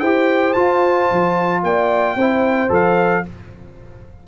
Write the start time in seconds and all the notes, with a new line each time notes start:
0.00 E4 G4 C5 G5
0.53 F4 A5
1.11 F3
1.63 A#3 D5 G5
2.15 C4 E4 C5
2.69 F3 A4 F5